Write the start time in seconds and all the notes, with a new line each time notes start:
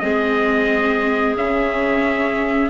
0.00 G#3 C4 G#4 D#5
1.36 C#3 C#4 E5